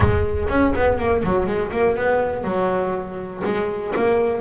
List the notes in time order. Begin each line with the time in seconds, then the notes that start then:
0.00 G#3
0.48 C#4
0.75 B3
0.98 A#3
1.23 F#3
1.46 G#3
1.71 A#3
1.96 B3
2.43 F#3
3.44 G#3
3.96 A#3